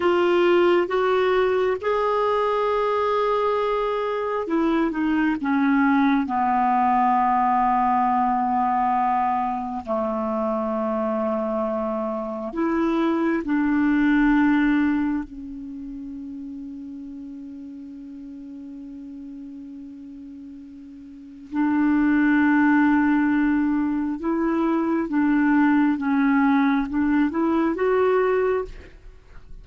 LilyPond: \new Staff \with { instrumentName = "clarinet" } { \time 4/4 \tempo 4 = 67 f'4 fis'4 gis'2~ | gis'4 e'8 dis'8 cis'4 b4~ | b2. a4~ | a2 e'4 d'4~ |
d'4 cis'2.~ | cis'1 | d'2. e'4 | d'4 cis'4 d'8 e'8 fis'4 | }